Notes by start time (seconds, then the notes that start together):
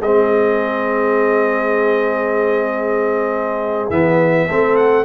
0.00 G#3 C4 G#4 D#5
3.90 E3 B3 E5
4.48 A3 C4 A4
4.76 F#5